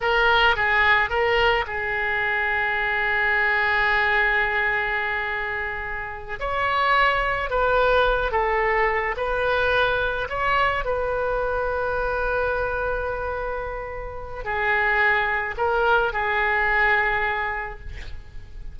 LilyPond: \new Staff \with { instrumentName = "oboe" } { \time 4/4 \tempo 4 = 108 ais'4 gis'4 ais'4 gis'4~ | gis'1~ | gis'2.~ gis'8 cis''8~ | cis''4. b'4. a'4~ |
a'8 b'2 cis''4 b'8~ | b'1~ | b'2 gis'2 | ais'4 gis'2. | }